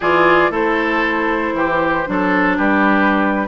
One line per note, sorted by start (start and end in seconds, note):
0.00 0.50 E3
0.00 0.50 F4
0.00 0.51 G#4
0.00 0.53 D5
0.50 1.53 A3
0.50 2.05 E4
0.50 1.54 A4
0.50 2.57 C5
1.53 2.05 E3
1.53 2.07 G4
2.06 2.59 F#3
2.06 3.48 D4
2.06 2.57 A4
2.57 3.48 G3
2.57 3.47 G4
2.57 3.48 B4